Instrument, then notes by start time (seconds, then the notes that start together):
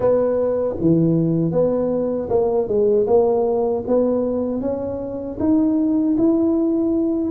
tuba
0.00 B3
0.80 E3
1.51 B3
2.29 A#3
2.67 G#3
3.07 A#3
3.87 B3
4.61 C#4
5.39 D#4
6.17 E4